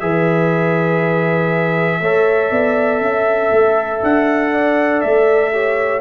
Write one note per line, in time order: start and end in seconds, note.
0.00 2.01 E3
0.00 2.01 G#4
0.00 2.01 B4
0.00 4.00 E5
2.01 2.51 A3
2.01 5.53 A4
2.01 2.51 C#5
2.51 3.01 B3
2.51 3.01 D5
3.01 3.51 C#4
3.01 4.53 E5
3.52 4.02 A3
4.03 5.03 D4
4.03 5.01 F#5
4.53 5.53 D5
5.01 6.01 A3
5.01 6.01 E5
5.53 6.01 G4
5.53 6.01 C#5